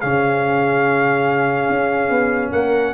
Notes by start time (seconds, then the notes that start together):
0.00 C#3 C#4 G#4 F5
1.70 C#4
2.10 B3
2.52 A#3 A#4 F#5